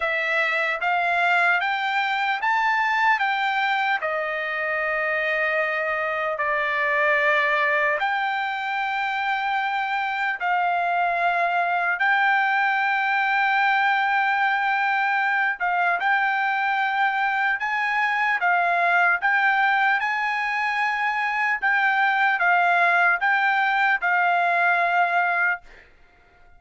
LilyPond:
\new Staff \with { instrumentName = "trumpet" } { \time 4/4 \tempo 4 = 75 e''4 f''4 g''4 a''4 | g''4 dis''2. | d''2 g''2~ | g''4 f''2 g''4~ |
g''2.~ g''8 f''8 | g''2 gis''4 f''4 | g''4 gis''2 g''4 | f''4 g''4 f''2 | }